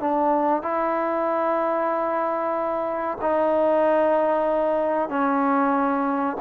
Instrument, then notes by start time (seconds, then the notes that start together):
trombone
0.00 D4
0.62 E4
3.21 D#4
5.09 C#4